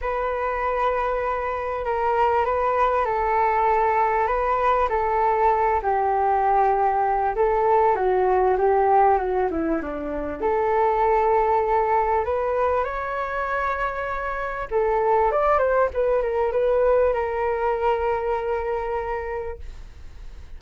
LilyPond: \new Staff \with { instrumentName = "flute" } { \time 4/4 \tempo 4 = 98 b'2. ais'4 | b'4 a'2 b'4 | a'4. g'2~ g'8 | a'4 fis'4 g'4 fis'8 e'8 |
d'4 a'2. | b'4 cis''2. | a'4 d''8 c''8 b'8 ais'8 b'4 | ais'1 | }